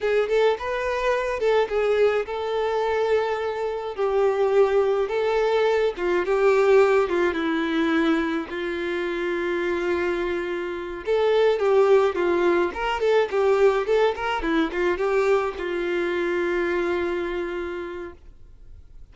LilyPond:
\new Staff \with { instrumentName = "violin" } { \time 4/4 \tempo 4 = 106 gis'8 a'8 b'4. a'8 gis'4 | a'2. g'4~ | g'4 a'4. f'8 g'4~ | g'8 f'8 e'2 f'4~ |
f'2.~ f'8 a'8~ | a'8 g'4 f'4 ais'8 a'8 g'8~ | g'8 a'8 ais'8 e'8 f'8 g'4 f'8~ | f'1 | }